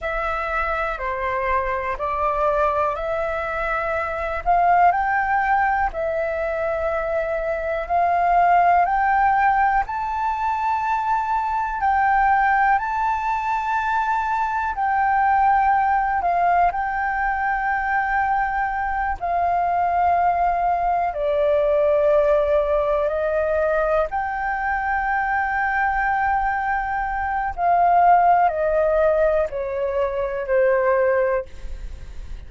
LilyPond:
\new Staff \with { instrumentName = "flute" } { \time 4/4 \tempo 4 = 61 e''4 c''4 d''4 e''4~ | e''8 f''8 g''4 e''2 | f''4 g''4 a''2 | g''4 a''2 g''4~ |
g''8 f''8 g''2~ g''8 f''8~ | f''4. d''2 dis''8~ | dis''8 g''2.~ g''8 | f''4 dis''4 cis''4 c''4 | }